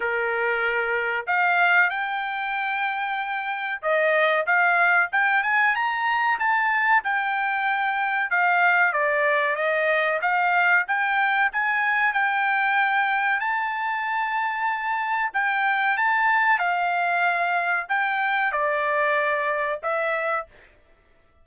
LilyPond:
\new Staff \with { instrumentName = "trumpet" } { \time 4/4 \tempo 4 = 94 ais'2 f''4 g''4~ | g''2 dis''4 f''4 | g''8 gis''8 ais''4 a''4 g''4~ | g''4 f''4 d''4 dis''4 |
f''4 g''4 gis''4 g''4~ | g''4 a''2. | g''4 a''4 f''2 | g''4 d''2 e''4 | }